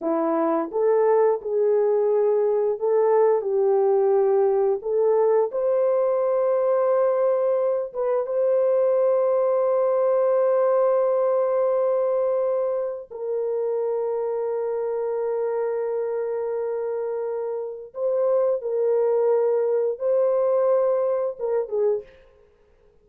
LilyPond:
\new Staff \with { instrumentName = "horn" } { \time 4/4 \tempo 4 = 87 e'4 a'4 gis'2 | a'4 g'2 a'4 | c''2.~ c''8 b'8 | c''1~ |
c''2. ais'4~ | ais'1~ | ais'2 c''4 ais'4~ | ais'4 c''2 ais'8 gis'8 | }